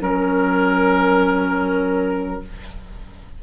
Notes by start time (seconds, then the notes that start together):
0.00 F#3 C#4 A#4